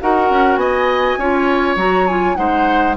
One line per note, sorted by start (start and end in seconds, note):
0.00 0.30 D#4
0.00 1.19 F#4
0.00 0.59 A#4
0.00 0.56 F#5
0.30 0.56 C#4
0.56 1.15 B3
0.56 1.18 D#5
0.56 1.75 G#5
1.18 1.76 C#4
1.18 1.77 F4
1.18 2.37 C#5
1.76 2.35 F#3
1.76 2.07 F#4
1.76 2.07 A#5
2.07 2.35 F4
2.07 2.35 G#5
2.35 2.96 G#3
2.35 2.95 D#4
2.35 2.96 C5
2.35 2.95 F#5